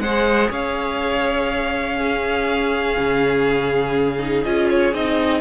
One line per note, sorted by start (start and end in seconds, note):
0.00 0.49 G#3
0.00 1.98 G#4
0.00 0.50 C5
0.00 0.50 F#5
0.50 2.97 C#4
0.50 1.97 C#5
0.50 4.44 F5
1.97 4.19 C#4
1.97 5.41 G#4
2.98 4.45 C#3
4.19 4.44 D#4
4.44 4.93 C#4
4.44 4.94 F4
4.44 4.68 D#5
4.70 4.94 C#5
4.93 5.41 C4
4.93 5.41 D#4
4.93 5.41 D#5